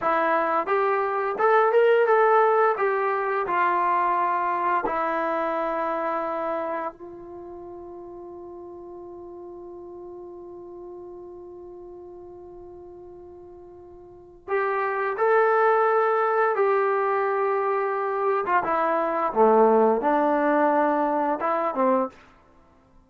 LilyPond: \new Staff \with { instrumentName = "trombone" } { \time 4/4 \tempo 4 = 87 e'4 g'4 a'8 ais'8 a'4 | g'4 f'2 e'4~ | e'2 f'2~ | f'1~ |
f'1~ | f'4 g'4 a'2 | g'2~ g'8. f'16 e'4 | a4 d'2 e'8 c'8 | }